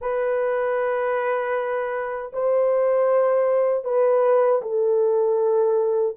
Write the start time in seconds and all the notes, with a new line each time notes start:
0.01 B4
2.33 C5
3.84 B4
4.62 A4